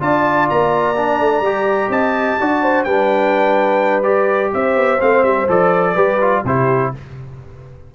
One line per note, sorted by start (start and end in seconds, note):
0.00 0.48 D4
0.00 0.95 F4
0.00 1.91 D5
0.00 0.49 A5
0.49 1.19 A#3
0.49 1.91 A#5
0.96 1.44 D4
1.19 1.40 A3
1.40 1.88 G3
1.40 2.40 G4
1.89 2.36 C4
1.89 2.39 D#5
1.89 2.84 A5
2.40 2.85 D4
2.40 2.87 F#4
2.40 2.63 D5
2.63 2.86 C5
2.84 4.51 G3
2.84 4.03 D4
2.84 4.52 B4
2.84 4.03 G5
4.03 4.98 G4
4.03 4.51 D5
4.54 4.75 C4
4.54 5.94 C5
4.54 5.01 E5
4.75 4.99 B3
4.99 5.23 A3
4.99 5.47 C4
4.99 5.23 F5
5.23 5.46 G3
5.23 5.47 E5
5.47 5.96 F3
5.47 5.95 A4
5.47 6.45 D5
5.94 6.43 G3
5.94 6.19 G4
5.94 6.42 B4
6.21 6.44 F4
6.44 6.92 C3
6.44 6.94 E4
6.44 6.92 G4
6.44 6.93 C5